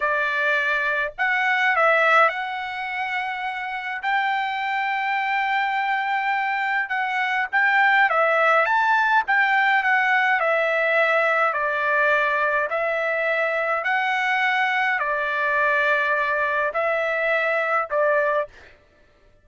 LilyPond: \new Staff \with { instrumentName = "trumpet" } { \time 4/4 \tempo 4 = 104 d''2 fis''4 e''4 | fis''2. g''4~ | g''1 | fis''4 g''4 e''4 a''4 |
g''4 fis''4 e''2 | d''2 e''2 | fis''2 d''2~ | d''4 e''2 d''4 | }